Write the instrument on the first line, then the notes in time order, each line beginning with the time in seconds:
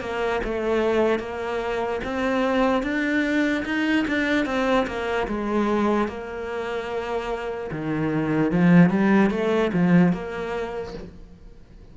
cello
0.00 A#3
0.43 A3
1.19 A#3
2.04 C4
2.82 D4
3.65 D#4
4.07 D4
4.45 C4
4.86 A#3
5.27 G#3
6.08 A#3
7.71 D#3
8.51 F3
8.89 G3
9.30 A3
9.73 F3
10.12 A#3